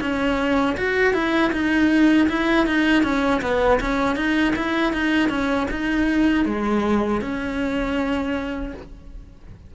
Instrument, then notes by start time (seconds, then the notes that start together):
cello
0.00 C#4
0.77 F#4
1.13 E4
1.52 D#4
2.29 E4
2.66 D#4
3.03 C#4
3.41 B3
3.80 C#4
4.16 D#4
4.55 E4
4.93 D#4
5.29 C#4
5.70 D#4
6.45 G#3
7.21 C#4